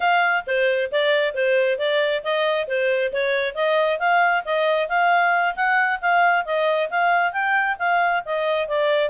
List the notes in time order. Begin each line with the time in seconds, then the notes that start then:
0.00 F5
0.46 C5
0.91 D5
1.34 C5
1.78 D5
2.23 D#5
2.67 C5
3.12 C#5
3.54 D#5
3.99 F5
4.44 D#5
4.88 F5
5.55 F#5
6.01 F5
6.45 D#5
6.89 F5
7.32 G5
7.79 F5
8.25 D#5
8.67 D5